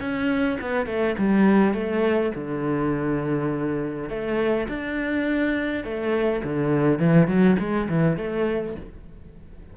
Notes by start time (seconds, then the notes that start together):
0.00 C#4
0.61 B3
0.86 A3
1.18 G3
1.74 A3
2.35 D3
4.09 A3
4.68 D4
5.84 A3
6.44 D3
6.99 E3
7.27 F#3
7.59 G#3
7.89 E3
8.17 A3